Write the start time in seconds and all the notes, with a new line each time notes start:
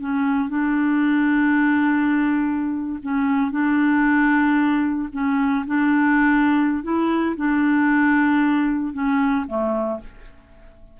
0.00 C#4
0.49 D4
3.02 C#4
3.51 D4
5.12 C#4
5.66 D4
6.83 E4
7.36 D4
8.93 C#4
9.47 A3